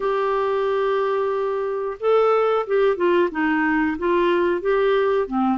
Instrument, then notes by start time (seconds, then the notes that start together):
clarinet
0.00 G4
2.00 A4
2.66 G4
2.96 F4
3.31 D#4
3.98 F4
4.61 G4
5.27 C4